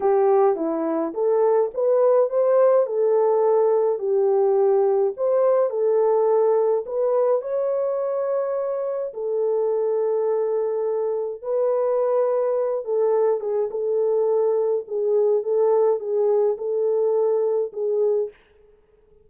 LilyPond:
\new Staff \with { instrumentName = "horn" } { \time 4/4 \tempo 4 = 105 g'4 e'4 a'4 b'4 | c''4 a'2 g'4~ | g'4 c''4 a'2 | b'4 cis''2. |
a'1 | b'2~ b'8 a'4 gis'8 | a'2 gis'4 a'4 | gis'4 a'2 gis'4 | }